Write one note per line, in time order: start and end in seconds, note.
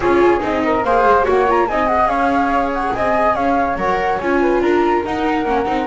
0.00 0.39 C#4
0.00 0.39 F4
0.00 0.62 G#4
0.00 0.41 C#5
0.39 0.84 C4
0.39 0.81 D#4
0.39 0.84 D#5
0.64 0.85 A#4
0.84 1.05 A#3
0.84 1.24 G#4
0.84 1.24 C5
0.84 1.26 F5
1.05 1.26 G#3
1.24 1.69 A#3
1.24 1.45 F#4
1.24 1.66 C#5
1.24 1.50 F#5
1.48 1.69 F4
1.48 1.67 A#5
1.67 2.06 C4
1.67 1.86 D#4
1.67 2.10 D#5
1.67 1.87 G#5
1.86 3.75 G#4
1.86 2.07 F#5
2.06 2.90 C#4
2.06 2.93 C#5
2.06 2.70 F5
2.73 2.94 F#5
2.94 3.35 C4
2.94 3.35 D#5
2.94 3.35 G#5
3.35 3.76 C#4
3.35 4.40 C#5
3.35 3.77 F5
3.76 4.17 F#3
3.76 4.20 A#4
3.76 4.19 F#5
4.19 4.61 C#4
4.19 5.05 F4
4.19 4.61 G#5
4.40 4.61 B4
4.61 5.03 D4
4.61 5.87 A#4
4.61 5.04 A#5
5.04 5.47 D#4
5.04 5.45 D#4
5.04 5.87 F#5
5.45 5.66 A#3
5.45 5.65 C#4
5.65 5.87 C4
5.65 5.86 D#4